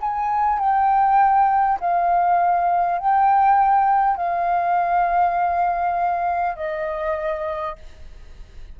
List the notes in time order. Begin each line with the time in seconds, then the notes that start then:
0.00 G#5
0.59 G5
1.80 F5
2.98 G5
4.16 F5
6.56 D#5